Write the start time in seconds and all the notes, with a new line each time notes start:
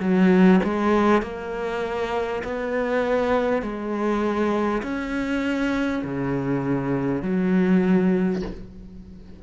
0.00 F#3
0.64 G#3
1.22 A#3
2.44 B3
3.62 G#3
4.82 C#4
6.04 C#3
7.22 F#3